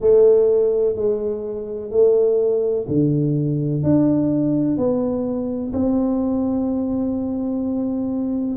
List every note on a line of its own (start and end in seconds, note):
0.00 0.95 A3
0.95 1.90 G#3
1.90 2.86 A3
2.87 3.83 D3
3.83 4.77 D4
4.77 5.72 B3
5.73 8.56 C4